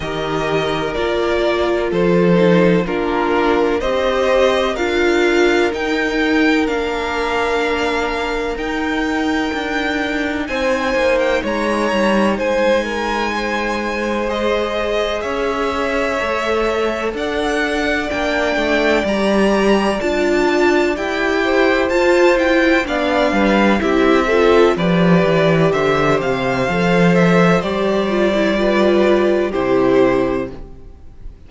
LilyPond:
<<
  \new Staff \with { instrumentName = "violin" } { \time 4/4 \tempo 4 = 63 dis''4 d''4 c''4 ais'4 | dis''4 f''4 g''4 f''4~ | f''4 g''2 gis''8. g''16 | ais''4 gis''2 dis''4 |
e''2 fis''4 g''4 | ais''4 a''4 g''4 a''8 g''8 | f''4 e''4 d''4 e''8 f''8~ | f''8 e''8 d''2 c''4 | }
  \new Staff \with { instrumentName = "violin" } { \time 4/4 ais'2 a'4 f'4 | c''4 ais'2.~ | ais'2. c''4 | cis''4 c''8 ais'8 c''2 |
cis''2 d''2~ | d''2~ d''8 c''4. | d''8 b'8 g'8 a'8 b'4 c''4~ | c''2 b'4 g'4 | }
  \new Staff \with { instrumentName = "viola" } { \time 4/4 g'4 f'4. dis'8 d'4 | g'4 f'4 dis'4 d'4~ | d'4 dis'2.~ | dis'2. gis'4~ |
gis'4 a'2 d'4 | g'4 f'4 g'4 f'8 e'8 | d'4 e'8 f'8 g'2 | a'4 g'8 f'16 e'16 f'4 e'4 | }
  \new Staff \with { instrumentName = "cello" } { \time 4/4 dis4 ais4 f4 ais4 | c'4 d'4 dis'4 ais4~ | ais4 dis'4 d'4 c'8 ais8 | gis8 g8 gis2. |
cis'4 a4 d'4 ais8 a8 | g4 d'4 e'4 f'4 | b8 g8 c'4 f8 e8 d8 c8 | f4 g2 c4 | }
>>